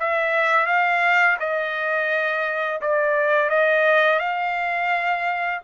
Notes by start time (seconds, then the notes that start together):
0.00 E5
0.67 F5
1.40 D#5
2.81 D5
3.50 D#5
4.19 F5